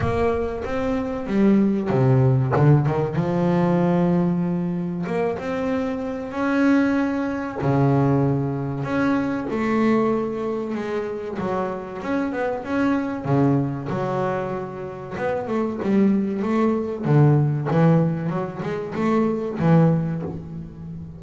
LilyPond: \new Staff \with { instrumentName = "double bass" } { \time 4/4 \tempo 4 = 95 ais4 c'4 g4 c4 | d8 dis8 f2. | ais8 c'4. cis'2 | cis2 cis'4 a4~ |
a4 gis4 fis4 cis'8 b8 | cis'4 cis4 fis2 | b8 a8 g4 a4 d4 | e4 fis8 gis8 a4 e4 | }